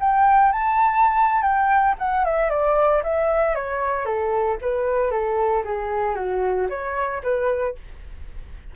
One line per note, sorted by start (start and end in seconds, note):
0.00 0.52 G5
0.52 1.42 A5
1.42 1.95 G5
1.99 2.24 F#5
2.24 2.50 E5
2.50 3.02 D5
3.03 3.55 E5
3.55 4.05 C#5
4.05 4.58 A4
4.61 5.11 B4
5.11 5.63 A4
5.64 6.15 G#4
6.15 6.68 F#4
6.69 7.22 C#5
7.23 7.75 B4